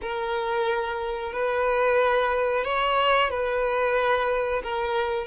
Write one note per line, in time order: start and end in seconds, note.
0.01 1.32 A#4
1.32 2.64 B4
2.64 3.30 C#5
3.30 4.62 B4
4.63 5.27 A#4